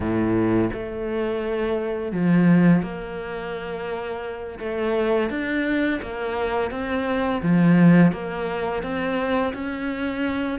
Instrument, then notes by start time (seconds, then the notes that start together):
cello
0.00 A2
0.73 A3
2.12 F3
2.82 A#3
4.59 A3
5.29 D4
6.02 A#3
6.71 C4
7.42 F3
8.12 A#3
8.82 C4
9.53 C#4